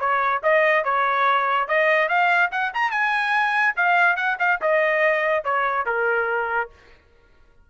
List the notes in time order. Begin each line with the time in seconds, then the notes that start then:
0.00 C#5
0.43 D#5
0.84 C#5
1.68 D#5
2.09 F5
2.52 F#5
2.74 A#5
2.91 G#5
3.76 F5
4.16 F#5
4.39 F5
4.61 D#5
5.44 C#5
5.86 A#4